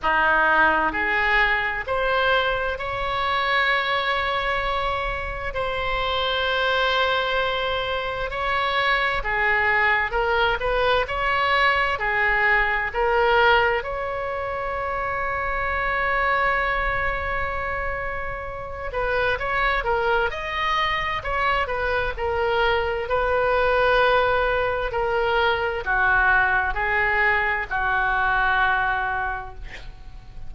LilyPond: \new Staff \with { instrumentName = "oboe" } { \time 4/4 \tempo 4 = 65 dis'4 gis'4 c''4 cis''4~ | cis''2 c''2~ | c''4 cis''4 gis'4 ais'8 b'8 | cis''4 gis'4 ais'4 cis''4~ |
cis''1~ | cis''8 b'8 cis''8 ais'8 dis''4 cis''8 b'8 | ais'4 b'2 ais'4 | fis'4 gis'4 fis'2 | }